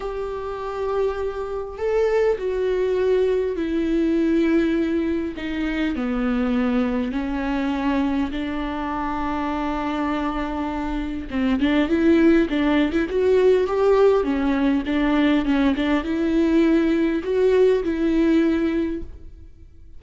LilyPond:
\new Staff \with { instrumentName = "viola" } { \time 4/4 \tempo 4 = 101 g'2. a'4 | fis'2 e'2~ | e'4 dis'4 b2 | cis'2 d'2~ |
d'2. c'8 d'8 | e'4 d'8. e'16 fis'4 g'4 | cis'4 d'4 cis'8 d'8 e'4~ | e'4 fis'4 e'2 | }